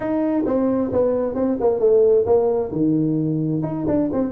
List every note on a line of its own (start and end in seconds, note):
0.00 0.44 D#4
0.46 0.91 C4
0.92 1.35 B3
1.35 1.57 C4
1.60 1.79 A#3
1.79 2.25 A3
2.25 2.71 A#3
2.71 3.62 D#3
3.62 3.85 D#4
3.87 4.10 D4
4.12 4.32 C4